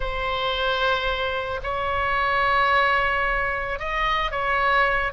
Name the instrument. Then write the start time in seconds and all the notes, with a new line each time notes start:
oboe
0.00 C5
1.63 C#5
3.79 D#5
4.31 C#5